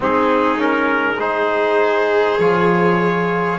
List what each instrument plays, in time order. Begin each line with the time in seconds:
0.00 double bass G#3, trombone C4, violin D#4, trumpet G#4
0.57 trombone C#4, trumpet A#4
1.19 trombone D#4, violin G#4, trumpet C5
2.39 double bass F3, trombone F4, trumpet C#5